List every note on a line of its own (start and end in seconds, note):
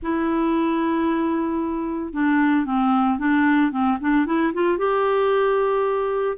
0.02 2.13 E4
2.13 2.65 D4
2.65 3.19 C4
3.19 3.71 D4
3.71 3.98 C4
4.00 4.26 D4
4.26 4.52 E4
4.53 4.77 F4
4.77 6.37 G4